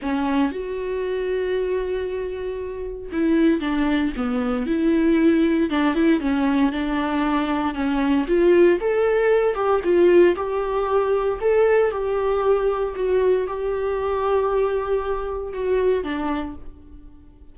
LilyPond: \new Staff \with { instrumentName = "viola" } { \time 4/4 \tempo 4 = 116 cis'4 fis'2.~ | fis'2 e'4 d'4 | b4 e'2 d'8 e'8 | cis'4 d'2 cis'4 |
f'4 a'4. g'8 f'4 | g'2 a'4 g'4~ | g'4 fis'4 g'2~ | g'2 fis'4 d'4 | }